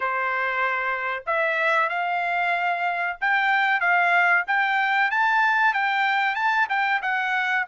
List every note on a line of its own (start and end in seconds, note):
0.00 1.24 C5
1.26 1.89 E5
1.89 3.17 F5
3.20 3.80 G5
3.80 4.44 F5
4.47 5.11 G5
5.11 5.73 A5
5.73 6.35 G5
6.35 6.67 A5
6.69 7.01 G5
7.02 7.65 F#5